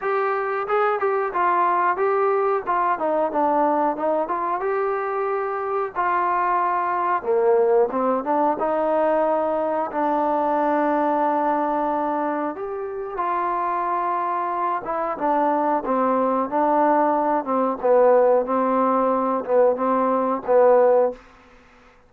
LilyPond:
\new Staff \with { instrumentName = "trombone" } { \time 4/4 \tempo 4 = 91 g'4 gis'8 g'8 f'4 g'4 | f'8 dis'8 d'4 dis'8 f'8 g'4~ | g'4 f'2 ais4 | c'8 d'8 dis'2 d'4~ |
d'2. g'4 | f'2~ f'8 e'8 d'4 | c'4 d'4. c'8 b4 | c'4. b8 c'4 b4 | }